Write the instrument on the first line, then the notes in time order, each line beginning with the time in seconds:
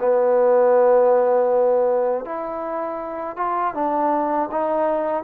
trombone
0.00 B3
2.25 E4
3.37 F4
3.75 D4
4.52 D#4